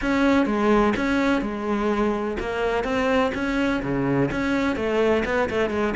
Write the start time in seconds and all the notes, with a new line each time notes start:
0.01 C#4
0.45 G#3
0.96 C#4
1.41 G#3
2.39 A#3
2.84 C4
3.34 C#4
3.82 C#3
4.31 C#4
4.76 A3
5.25 B3
5.49 A3
5.69 G#3